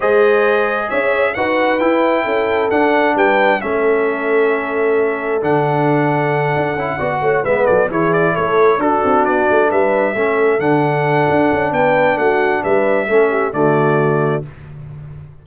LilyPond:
<<
  \new Staff \with { instrumentName = "trumpet" } { \time 4/4 \tempo 4 = 133 dis''2 e''4 fis''4 | g''2 fis''4 g''4 | e''1 | fis''1~ |
fis''8 e''8 d''8 cis''8 d''8 cis''4 a'8~ | a'8 d''4 e''2 fis''8~ | fis''2 g''4 fis''4 | e''2 d''2 | }
  \new Staff \with { instrumentName = "horn" } { \time 4/4 c''2 cis''4 b'4~ | b'4 a'2 b'4 | a'1~ | a'2.~ a'8 d''8 |
cis''8 b'8 a'8 gis'4 a'4 fis'8~ | fis'4. b'4 a'4.~ | a'2 b'4 fis'4 | b'4 a'8 g'8 fis'2 | }
  \new Staff \with { instrumentName = "trombone" } { \time 4/4 gis'2. fis'4 | e'2 d'2 | cis'1 | d'2. e'8 fis'8~ |
fis'8 b4 e'2 d'8~ | d'2~ d'8 cis'4 d'8~ | d'1~ | d'4 cis'4 a2 | }
  \new Staff \with { instrumentName = "tuba" } { \time 4/4 gis2 cis'4 dis'4 | e'4 cis'4 d'4 g4 | a1 | d2~ d8 d'8 cis'8 b8 |
a8 gis8 fis8 e4 a4 d'8 | c'8 b8 a8 g4 a4 d8~ | d4 d'8 cis'8 b4 a4 | g4 a4 d2 | }
>>